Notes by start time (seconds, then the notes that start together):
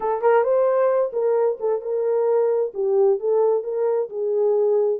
0.00 A4
0.21 A#4
0.43 C5
1.12 A#4
1.60 A4
1.81 A#4
2.74 G4
3.19 A4
3.63 A#4
4.09 G#4